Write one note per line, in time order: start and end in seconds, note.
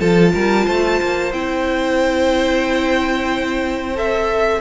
0.00 0.34 F3
0.00 1.32 F4
0.00 0.33 A4
0.00 1.32 A5
0.34 0.68 G3
0.34 0.66 A#4
0.66 1.02 A3
0.66 4.62 C5
1.02 1.33 A#3
1.33 4.62 C4
1.33 3.96 E4
1.33 3.97 G5
3.96 4.62 A4
3.96 4.62 E5